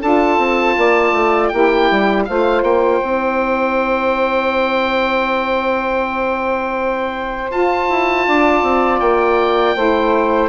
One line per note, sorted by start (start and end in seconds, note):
0.00 0.38 D4
0.00 1.52 F4
0.00 0.75 A4
0.00 1.49 A5
0.38 0.76 C4
0.78 1.13 A#3
0.78 1.53 D5
1.13 1.50 A3
1.49 1.91 A#3
1.49 2.27 E4
1.49 2.27 G4
1.49 2.24 G5
1.91 2.28 G3
2.25 2.63 A3
2.25 3.03 F4
2.25 8.28 C5
2.25 2.63 F5
2.63 3.01 A#3
2.63 7.51 G5
3.03 7.51 C4
3.03 7.51 E4
7.51 7.88 F4
7.51 9.76 F4
7.51 9.00 A5
7.90 8.27 E4
8.27 8.63 D4
8.27 9.76 D5
8.63 9.00 C4
9.00 9.76 A#3
9.00 10.49 G5
9.76 10.49 A3
9.76 10.49 E4
9.76 10.49 C5